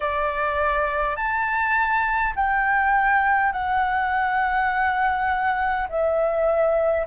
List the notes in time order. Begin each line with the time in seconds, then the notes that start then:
0.00 D5
1.16 A5
2.35 G5
3.52 F#5
5.88 E5